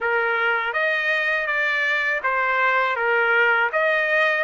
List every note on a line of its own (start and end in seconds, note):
0.00 0.73 A#4
0.73 1.46 D#5
1.46 2.21 D5
2.23 2.96 C5
2.96 3.70 A#4
3.72 4.44 D#5